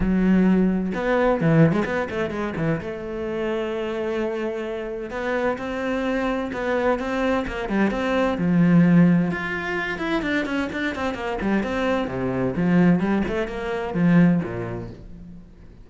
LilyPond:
\new Staff \with { instrumentName = "cello" } { \time 4/4 \tempo 4 = 129 fis2 b4 e8. gis16 | b8 a8 gis8 e8 a2~ | a2. b4 | c'2 b4 c'4 |
ais8 g8 c'4 f2 | f'4. e'8 d'8 cis'8 d'8 c'8 | ais8 g8 c'4 c4 f4 | g8 a8 ais4 f4 ais,4 | }